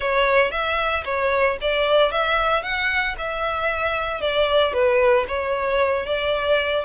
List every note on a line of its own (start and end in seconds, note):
0.00 0.51 C#5
0.51 1.04 E5
1.04 1.57 C#5
1.61 2.11 D5
2.11 2.62 E5
2.62 3.15 F#5
3.17 4.21 E5
4.21 4.73 D5
4.73 5.26 B4
5.28 6.06 C#5
6.06 6.84 D5